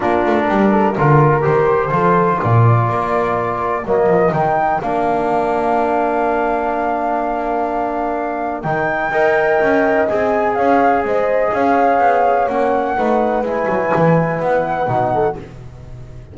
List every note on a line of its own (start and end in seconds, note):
0.00 0.25 A#3
0.00 0.95 D4
0.00 0.46 F4
0.00 1.43 A#4
0.25 0.48 A3
0.48 0.96 G3
0.48 0.71 G4
0.71 0.95 A4
0.95 1.45 D3
0.95 1.41 F4
0.95 1.91 A#4
1.41 1.91 D#3
1.41 1.89 G4
1.41 2.39 C5
1.91 2.39 F3
1.91 3.83 F4
1.91 2.39 A4
2.39 2.89 A#2
2.39 9.11 A#4
2.39 3.86 D5
2.89 3.85 A#3
3.85 4.06 F#3
3.85 4.33 A#3
3.85 4.33 D#5
4.06 4.30 F3
4.31 4.79 D#3
4.31 4.81 D#4
4.31 4.81 G5
4.81 8.64 A#3
4.81 8.64 D4
4.81 8.61 F5
8.61 9.10 D#3
8.61 9.11 D#4
8.61 10.05 G5
9.10 9.58 D#4
9.10 10.07 A#4
9.10 10.55 D#5
9.60 10.08 C#4
10.08 10.58 C4
10.08 12.49 G#4
10.08 10.54 G#5
10.54 11.04 C#4
10.54 11.04 C#5
10.54 11.03 F5
11.04 11.52 G#3
11.04 11.52 C5
11.04 11.54 D#5
11.52 11.99 C#4
11.52 12.96 C#5
11.52 12.47 F5
11.99 12.47 B3
12.47 12.97 A#3
12.47 12.97 C#4
12.47 13.44 F#5
12.96 13.41 A3
12.96 13.44 D#4
12.96 15.12 B4
13.41 13.65 G#3
13.41 14.86 E4
13.41 14.41 G#5
13.68 13.92 F#3
13.95 14.39 E3
14.39 14.87 B3
14.39 15.37 F#5
14.86 15.35 B2
14.86 15.34 D#4
15.13 15.37 A4